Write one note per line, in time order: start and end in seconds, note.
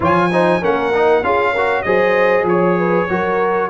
0.00 0.61 F3
0.00 0.30 F4
0.00 0.31 C#5
0.00 0.64 G#5
0.32 0.61 D#4
0.32 0.61 C5
0.61 1.22 A#3
0.61 0.92 C#4
0.61 1.23 A#4
0.61 1.24 F#5
0.93 1.24 D#4
1.22 1.84 C#4
1.22 1.55 F4
1.22 1.52 G#4
1.22 1.82 F5
1.52 1.85 F#4
1.52 1.83 A#4
1.82 2.43 F#3
1.82 3.09 G#4
1.82 2.47 C5
1.82 2.44 D#5
2.43 3.05 F3
2.43 3.69 C#5
2.49 2.78 C#5
2.78 3.09 B4
3.09 3.69 F#3
3.09 3.69 F#4
3.09 3.69 A#4